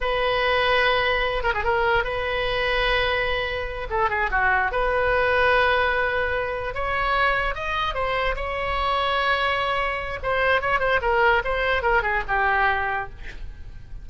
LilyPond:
\new Staff \with { instrumentName = "oboe" } { \time 4/4 \tempo 4 = 147 b'2.~ b'8 ais'16 gis'16 | ais'4 b'2.~ | b'4. a'8 gis'8 fis'4 b'8~ | b'1~ |
b'8 cis''2 dis''4 c''8~ | c''8 cis''2.~ cis''8~ | cis''4 c''4 cis''8 c''8 ais'4 | c''4 ais'8 gis'8 g'2 | }